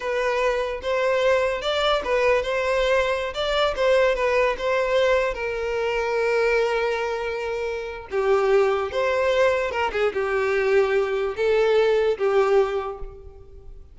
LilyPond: \new Staff \with { instrumentName = "violin" } { \time 4/4 \tempo 4 = 148 b'2 c''2 | d''4 b'4 c''2~ | c''16 d''4 c''4 b'4 c''8.~ | c''4~ c''16 ais'2~ ais'8.~ |
ais'1 | g'2 c''2 | ais'8 gis'8 g'2. | a'2 g'2 | }